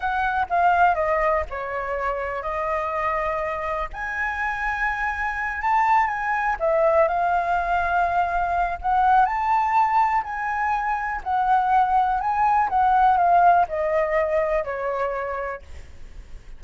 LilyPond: \new Staff \with { instrumentName = "flute" } { \time 4/4 \tempo 4 = 123 fis''4 f''4 dis''4 cis''4~ | cis''4 dis''2. | gis''2.~ gis''8 a''8~ | a''8 gis''4 e''4 f''4.~ |
f''2 fis''4 a''4~ | a''4 gis''2 fis''4~ | fis''4 gis''4 fis''4 f''4 | dis''2 cis''2 | }